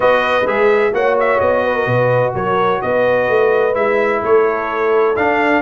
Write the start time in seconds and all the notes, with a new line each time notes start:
0.00 B3 F#4 B4 D#5
0.46 G#3 G#4 E5
0.93 A#3 F#4 C#5 F#5
1.19 E5
1.40 B3 D#5
1.64 B4
1.74 A#4
1.86 B2 B4
2.34 F#3 A#4 C#5
2.81 B3 B4 D#5
3.28 A3
3.74 G#3 E4 E5
4.22 A3 A4 C#5
5.16 D4 F5